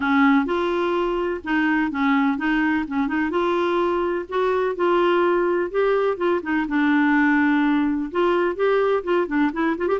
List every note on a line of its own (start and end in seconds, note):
0.00 0.45 C#4
0.45 1.40 F4
1.44 1.91 D#4
1.91 2.37 C#4
2.37 2.85 D#4
2.87 3.07 C#4
3.07 3.30 D#4
3.30 4.25 F4
4.29 4.75 F#4
4.75 5.70 F4
5.71 6.17 G4
6.17 6.40 F4
6.42 6.66 D#4
6.68 8.10 D4
8.11 8.55 F4
8.55 9.03 G4
9.03 9.27 F4
9.27 9.51 D4
9.52 9.76 E4
9.77 9.87 F4
9.87 9.99 G4